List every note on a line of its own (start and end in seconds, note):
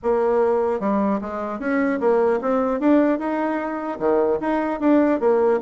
0.03 0.80 A#3
0.80 1.20 G3
1.21 1.59 G#3
1.59 1.99 C#4
2.00 2.40 A#3
2.41 2.80 C4
2.80 3.18 D4
3.18 3.98 D#4
3.99 4.39 D#3
4.40 4.80 D#4
4.80 5.20 D4
5.20 5.60 A#3